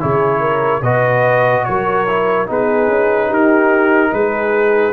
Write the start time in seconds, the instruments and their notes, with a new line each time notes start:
0.00 tuba C#3, trombone E4, horn G#4, trumpet C#5
0.40 horn A#4
0.82 tuba B2, trombone F#4, horn B4, trumpet D#5
1.64 tuba F#3, horn A#4, trumpet C#5
2.08 trombone E4
2.47 tuba B3, trombone D#4, horn G#4, trumpet B4
2.88 tuba C#4
3.28 tuba D#4, horn G4, trumpet A#4
4.13 tuba G#3, horn G#4, trumpet B4